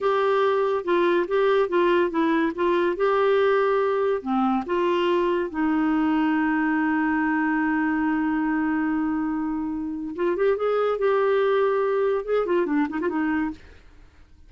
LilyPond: \new Staff \with { instrumentName = "clarinet" } { \time 4/4 \tempo 4 = 142 g'2 f'4 g'4 | f'4 e'4 f'4 g'4~ | g'2 c'4 f'4~ | f'4 dis'2.~ |
dis'1~ | dis'1 | f'8 g'8 gis'4 g'2~ | g'4 gis'8 f'8 d'8 dis'16 f'16 dis'4 | }